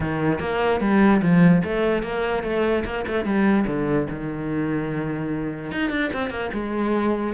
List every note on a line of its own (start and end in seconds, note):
0.00 0.39 D#3
0.39 0.80 A#3
0.80 1.21 G3
1.22 1.62 F3
1.64 2.02 A3
2.02 2.43 A#3
2.43 2.84 A3
2.84 3.05 A#3
3.07 3.24 A3
3.24 3.65 G3
3.66 4.07 D3
4.10 5.71 D#3
5.71 5.90 D#4
5.90 6.10 D4
6.13 6.30 C4
6.30 6.50 A#3
6.53 7.34 G#3